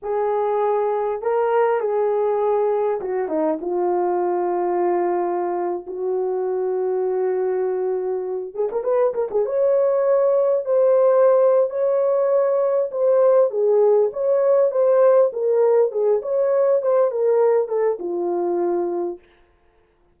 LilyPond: \new Staff \with { instrumentName = "horn" } { \time 4/4 \tempo 4 = 100 gis'2 ais'4 gis'4~ | gis'4 fis'8 dis'8 f'2~ | f'4.~ f'16 fis'2~ fis'16~ | fis'2~ fis'16 gis'16 ais'16 b'8 ais'16 gis'16 cis''16~ |
cis''4.~ cis''16 c''4.~ c''16 cis''8~ | cis''4. c''4 gis'4 cis''8~ | cis''8 c''4 ais'4 gis'8 cis''4 | c''8 ais'4 a'8 f'2 | }